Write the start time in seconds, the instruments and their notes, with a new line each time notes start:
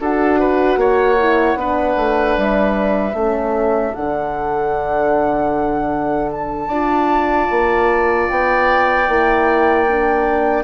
0.00 bassoon D4, horn F#4, oboe A4, flute F#5
0.39 oboe B4
0.76 bassoon A#3, oboe C#5
1.18 horn E4
1.55 bassoon B3, horn D4, oboe B4
1.96 bassoon A3
2.37 bassoon G3, flute E5
3.13 bassoon A3, horn C#4, oboe A4
3.94 bassoon D3, horn D4, flute F#5
6.31 flute A5
6.68 bassoon D4, horn F4, oboe D5
7.50 bassoon A#3
8.28 bassoon B3, flute G5
9.08 bassoon A#3, horn E4
9.87 horn D4